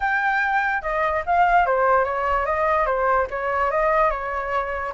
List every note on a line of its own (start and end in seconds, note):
0.00 0.82 G5
0.82 1.23 D#5
1.26 1.66 F5
1.66 2.04 C5
2.04 2.45 C#5
2.45 2.86 D#5
2.86 3.27 C5
3.30 3.70 C#5
3.70 4.10 D#5
4.10 4.92 C#5